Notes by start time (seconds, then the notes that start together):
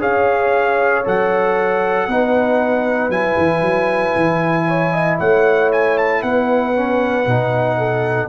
0.00 C#4 G#4 C#5 F5
1.05 F#3 A4 F#5
2.08 B3 D#4 B4
3.09 F#3 E4 G#5
3.38 E3
3.62 F#3
4.16 E3
4.68 C#5
4.93 D#5
5.19 A3 C#5 F#5
5.72 G#5
5.98 A5
6.23 B3 B4 F#5
6.73 C#4
7.26 B2 D#4
7.78 A4